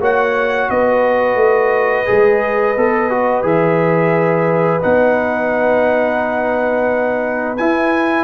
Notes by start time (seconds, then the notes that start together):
0.00 A#3 F#4 C#5 F#5
0.70 B3 B4 D#5
1.35 A3
2.05 G#3 G#4
2.76 B3 A4
3.10 F#4
3.42 E3 G#4 E5
4.82 B3 D#4 F#5
7.57 E4 G#5